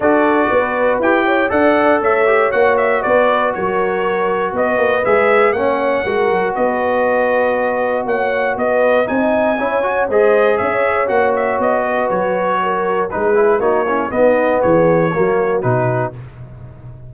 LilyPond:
<<
  \new Staff \with { instrumentName = "trumpet" } { \time 4/4 \tempo 4 = 119 d''2 g''4 fis''4 | e''4 fis''8 e''8 d''4 cis''4~ | cis''4 dis''4 e''4 fis''4~ | fis''4 dis''2. |
fis''4 dis''4 gis''2 | dis''4 e''4 fis''8 e''8 dis''4 | cis''2 b'4 cis''4 | dis''4 cis''2 b'4 | }
  \new Staff \with { instrumentName = "horn" } { \time 4/4 a'4 b'4. cis''8 d''4 | cis''2 b'4 ais'4~ | ais'4 b'2 cis''4 | ais'4 b'2. |
cis''4 b'4 dis''4 cis''4 | c''4 cis''2~ cis''8 b'8~ | b'4 ais'4 gis'4 fis'8 e'8 | dis'4 gis'4 fis'2 | }
  \new Staff \with { instrumentName = "trombone" } { \time 4/4 fis'2 g'4 a'4~ | a'8 g'8 fis'2.~ | fis'2 gis'4 cis'4 | fis'1~ |
fis'2 dis'4 e'8 fis'8 | gis'2 fis'2~ | fis'2 dis'8 e'8 dis'8 cis'8 | b2 ais4 dis'4 | }
  \new Staff \with { instrumentName = "tuba" } { \time 4/4 d'4 b4 e'4 d'4 | a4 ais4 b4 fis4~ | fis4 b8 ais8 gis4 ais4 | gis8 fis8 b2. |
ais4 b4 c'4 cis'4 | gis4 cis'4 ais4 b4 | fis2 gis4 ais4 | b4 e4 fis4 b,4 | }
>>